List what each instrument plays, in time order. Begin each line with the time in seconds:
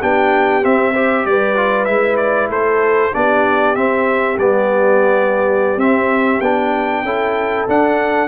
0.00 tuba B3, trombone D4, horn G4, trumpet G5
0.62 trombone C4, tuba C4, trumpet E5
0.92 trombone G4, horn C5
1.25 tuba G3, horn B4, trumpet D5
1.56 trombone F4
1.85 tuba G#3, trombone E4, trumpet E5
2.16 trumpet D5
2.49 tuba A3, horn A4, trumpet C5
3.14 tuba B3, trombone D4, horn G4, trumpet D5
3.75 trombone C4, tuba C4, trumpet E5
4.38 tuba G3, trombone B3, trumpet D5
5.76 tuba C4, trombone C4, trumpet E5
6.40 tuba B3, trombone D4, trumpet G5
7.03 tuba C#4, trombone E4, horn A4
7.68 trombone D4, tuba D4, trumpet F#5